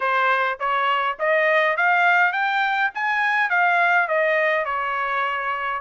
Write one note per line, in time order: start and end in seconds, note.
0.00 0.58 C5
0.59 1.17 C#5
1.19 1.77 D#5
1.77 2.32 F5
2.32 2.90 G5
2.94 3.50 G#5
3.50 4.08 F5
4.08 4.65 D#5
4.65 5.81 C#5